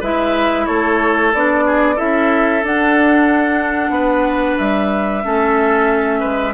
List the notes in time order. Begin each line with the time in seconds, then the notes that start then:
0.00 G#3 E4 B4 E5
0.66 A3 A4 C#5
1.34 B3 D4 D5
1.66 G#4
1.95 C#4 E4 A4 E5
2.63 D4 F#5
3.90 B3 B4
4.58 G3 E5
5.23 A3 C#4 A4
6.20 G#3 B4